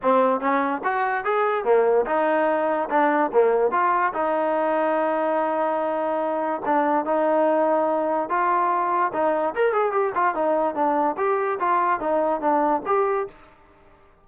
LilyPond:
\new Staff \with { instrumentName = "trombone" } { \time 4/4 \tempo 4 = 145 c'4 cis'4 fis'4 gis'4 | ais4 dis'2 d'4 | ais4 f'4 dis'2~ | dis'1 |
d'4 dis'2. | f'2 dis'4 ais'8 gis'8 | g'8 f'8 dis'4 d'4 g'4 | f'4 dis'4 d'4 g'4 | }